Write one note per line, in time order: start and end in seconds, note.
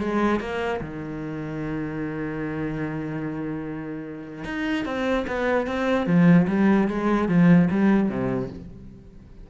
0.00 0.41 G#3
0.41 0.81 A#3
0.81 4.45 D#3
4.45 4.86 D#4
4.86 5.26 C4
5.28 5.67 B3
5.67 6.07 C4
6.07 6.47 F3
6.48 6.88 G3
6.88 7.29 G#3
7.29 7.70 F3
7.71 8.10 G3
8.10 8.50 C3